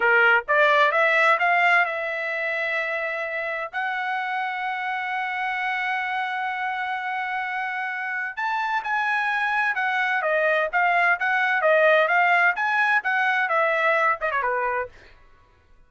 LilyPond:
\new Staff \with { instrumentName = "trumpet" } { \time 4/4 \tempo 4 = 129 ais'4 d''4 e''4 f''4 | e''1 | fis''1~ | fis''1~ |
fis''2 a''4 gis''4~ | gis''4 fis''4 dis''4 f''4 | fis''4 dis''4 f''4 gis''4 | fis''4 e''4. dis''16 cis''16 b'4 | }